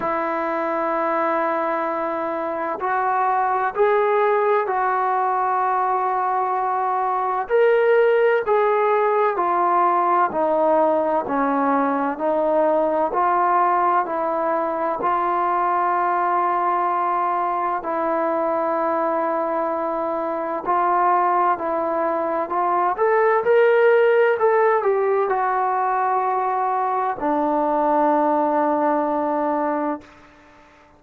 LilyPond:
\new Staff \with { instrumentName = "trombone" } { \time 4/4 \tempo 4 = 64 e'2. fis'4 | gis'4 fis'2. | ais'4 gis'4 f'4 dis'4 | cis'4 dis'4 f'4 e'4 |
f'2. e'4~ | e'2 f'4 e'4 | f'8 a'8 ais'4 a'8 g'8 fis'4~ | fis'4 d'2. | }